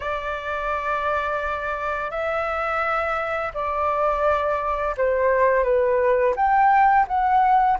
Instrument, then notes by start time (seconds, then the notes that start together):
flute
0.00 D5
2.10 E5
3.54 D5
4.97 C5
5.63 B4
6.35 G5
7.07 F#5